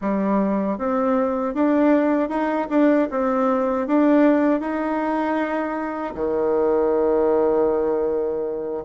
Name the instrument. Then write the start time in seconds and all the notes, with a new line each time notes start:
bassoon
0.01 G3
0.77 C4
1.54 D4
2.29 D#4
2.69 D4
3.10 C4
3.87 D4
4.60 D#4
6.14 D#3